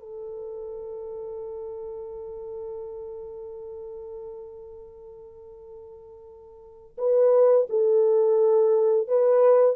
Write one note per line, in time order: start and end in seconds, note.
0.00 6.98 A4
6.98 7.68 B4
7.70 9.09 A4
9.09 9.77 B4